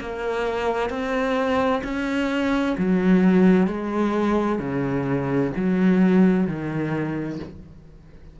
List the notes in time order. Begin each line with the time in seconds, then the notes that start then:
0.00 A#3
0.90 C4
1.84 C#4
2.78 F#3
3.67 G#3
4.59 C#3
5.56 F#3
6.47 D#3